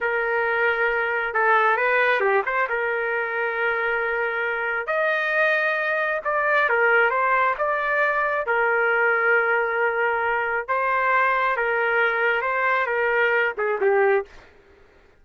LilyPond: \new Staff \with { instrumentName = "trumpet" } { \time 4/4 \tempo 4 = 135 ais'2. a'4 | b'4 g'8 c''8 ais'2~ | ais'2. dis''4~ | dis''2 d''4 ais'4 |
c''4 d''2 ais'4~ | ais'1 | c''2 ais'2 | c''4 ais'4. gis'8 g'4 | }